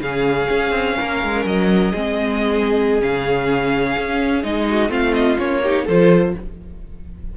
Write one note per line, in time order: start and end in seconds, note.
0.00 0.48 C#3
0.00 1.94 C#4
0.00 0.98 G#4
0.00 1.45 F5
0.50 0.71 C#4
0.71 0.95 C4
0.98 1.24 A#3
0.98 1.92 A#4
1.24 1.45 G#3
1.45 1.93 F#3
1.45 3.02 D#5
1.92 3.01 G#3
1.92 3.01 C4
1.92 4.65 G#4
3.01 3.97 C#3
3.01 4.44 C#4
3.01 4.44 F5
3.98 4.44 C#4
4.44 4.90 G#3
4.44 4.89 D#4
4.44 4.91 D#5
4.69 4.90 F#4
4.89 5.37 A3
4.89 5.37 C4
4.89 5.62 F4
4.89 5.14 F5
5.14 5.38 D#5
5.38 5.88 A#3
5.38 5.62 C#4
5.38 5.86 C#5
5.64 5.89 D#4
5.64 5.86 G4
5.86 6.36 F3
5.86 6.37 F4
5.86 6.33 A4
5.86 6.36 C5